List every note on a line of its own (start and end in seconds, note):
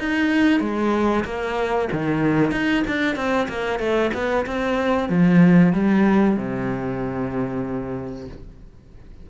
0.00 0.61 D#4
0.61 1.25 G#3
1.25 1.89 A#3
1.92 2.52 D#3
2.52 2.84 D#4
2.88 3.16 D4
3.16 3.48 C4
3.49 3.80 A#3
3.80 4.12 A3
4.14 4.46 B3
4.47 5.09 C4
5.09 5.73 F3
5.73 6.37 G3
6.37 8.28 C3